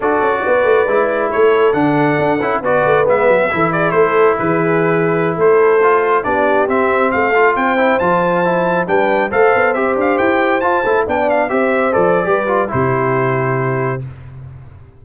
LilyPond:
<<
  \new Staff \with { instrumentName = "trumpet" } { \time 4/4 \tempo 4 = 137 d''2. cis''4 | fis''2 d''4 e''4~ | e''8 d''8 c''4 b'2~ | b'16 c''2 d''4 e''8.~ |
e''16 f''4 g''4 a''4.~ a''16~ | a''16 g''4 f''4 e''8 f''8 g''8.~ | g''16 a''4 g''8 f''8 e''4 d''8.~ | d''4 c''2. | }
  \new Staff \with { instrumentName = "horn" } { \time 4/4 a'4 b'2 a'4~ | a'2 b'2 | a'8 gis'8 a'4 gis'2~ | gis'16 a'2 g'4.~ g'16~ |
g'16 a'4 c''2~ c''8.~ | c''16 b'4 c''2~ c''8.~ | c''4~ c''16 d''4 c''4.~ c''16 | b'4 g'2. | }
  \new Staff \with { instrumentName = "trombone" } { \time 4/4 fis'2 e'2 | d'4. e'8 fis'4 b4 | e'1~ | e'4~ e'16 f'4 d'4 c'8.~ |
c'8. f'4 e'8 f'4 e'8.~ | e'16 d'4 a'4 g'4.~ g'16~ | g'16 f'8 e'8 d'4 g'4 a'8. | g'8 f'8 e'2. | }
  \new Staff \with { instrumentName = "tuba" } { \time 4/4 d'8 cis'8 b8 a8 gis4 a4 | d4 d'8 cis'8 b8 a8 gis8 fis8 | e4 a4 e2~ | e16 a2 b4 c'8.~ |
c'16 a4 c'4 f4.~ f16~ | f16 g4 a8 b8 c'8 d'8 e'8.~ | e'16 f'8 a8 b4 c'4 f8. | g4 c2. | }
>>